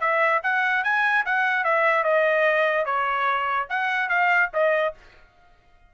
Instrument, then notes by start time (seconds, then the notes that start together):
trumpet
0.00 E5
0.43 F#5
0.83 G#5
1.25 F#5
1.64 E5
2.04 D#5
2.85 C#5
3.69 F#5
4.09 F5
4.53 D#5